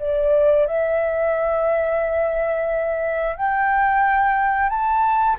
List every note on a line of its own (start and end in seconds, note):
0.00 0.67 D5
0.67 3.36 E5
3.36 4.70 G5
4.70 5.37 A5